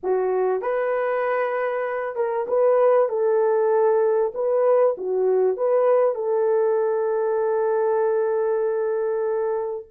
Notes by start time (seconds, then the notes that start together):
0.03 F#4
0.61 B4
2.15 A#4
2.47 B4
3.08 A4
4.34 B4
4.97 F#4
5.57 B4
6.15 A4